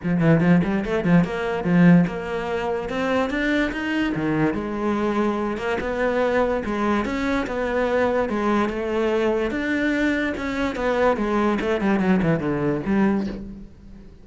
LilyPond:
\new Staff \with { instrumentName = "cello" } { \time 4/4 \tempo 4 = 145 f8 e8 f8 g8 a8 f8 ais4 | f4 ais2 c'4 | d'4 dis'4 dis4 gis4~ | gis4. ais8 b2 |
gis4 cis'4 b2 | gis4 a2 d'4~ | d'4 cis'4 b4 gis4 | a8 g8 fis8 e8 d4 g4 | }